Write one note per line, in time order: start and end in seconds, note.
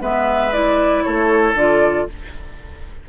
0.00 1.03 G#3
0.00 0.51 B3
0.00 1.03 B4
0.00 0.53 E5
0.52 1.55 E4
0.52 1.03 D5
1.03 1.54 A3
1.03 2.07 A4
1.03 1.54 C#5
1.54 2.05 D3
1.54 2.08 F4
1.54 2.09 D5